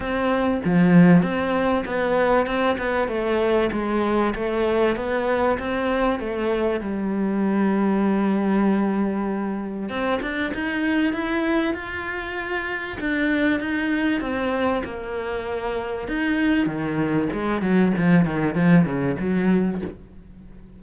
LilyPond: \new Staff \with { instrumentName = "cello" } { \time 4/4 \tempo 4 = 97 c'4 f4 c'4 b4 | c'8 b8 a4 gis4 a4 | b4 c'4 a4 g4~ | g1 |
c'8 d'8 dis'4 e'4 f'4~ | f'4 d'4 dis'4 c'4 | ais2 dis'4 dis4 | gis8 fis8 f8 dis8 f8 cis8 fis4 | }